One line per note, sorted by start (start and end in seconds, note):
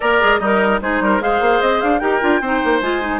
0.00 0.22 A#3
0.00 0.40 A#4
0.00 0.20 A#4
0.00 0.38 D5
0.20 0.40 G#3
0.20 0.40 G#4
0.38 0.80 G3
0.38 0.80 D#4
0.38 0.81 A#4
0.38 0.78 D#5
0.81 1.00 G#3
0.81 1.20 D#4
0.81 1.02 G#4
0.81 1.22 C5
1.00 1.20 G3
1.00 1.22 A#4
1.20 1.40 G#3
1.20 2.00 G#4
1.20 2.00 C5
1.20 1.61 F5
1.40 1.60 A#3
1.61 1.81 C4
1.61 1.80 D#5
1.80 2.01 D4
1.80 1.99 F5
1.99 2.21 D#4
1.99 2.21 G4
1.99 2.41 A#4
1.99 2.79 G5
2.21 2.40 D4
2.21 2.41 F4
2.40 2.60 C4
2.40 2.82 D#4
2.40 3.19 C5
2.64 2.81 A#3
2.81 3.19 G#3
2.81 3.01 F4
2.81 3.19 G#5
3.01 3.19 D#4